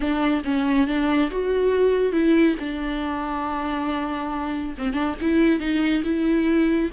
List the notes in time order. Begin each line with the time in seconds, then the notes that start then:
0.00 D4
0.44 C#4
0.87 D4
1.31 F#4
2.12 E4
2.59 D4
4.78 C4
4.93 D4
5.21 E4
5.59 D#4
6.04 E4